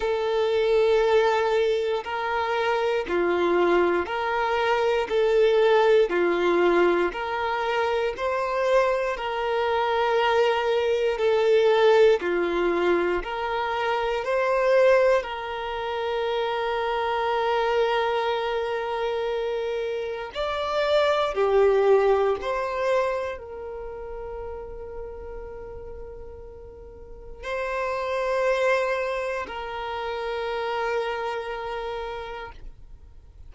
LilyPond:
\new Staff \with { instrumentName = "violin" } { \time 4/4 \tempo 4 = 59 a'2 ais'4 f'4 | ais'4 a'4 f'4 ais'4 | c''4 ais'2 a'4 | f'4 ais'4 c''4 ais'4~ |
ais'1 | d''4 g'4 c''4 ais'4~ | ais'2. c''4~ | c''4 ais'2. | }